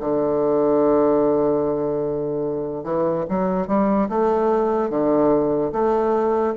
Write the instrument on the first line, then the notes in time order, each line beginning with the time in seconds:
bassoon
0.00 D3
2.84 E3
3.28 F#3
3.67 G3
4.09 A3
4.89 D3
5.72 A3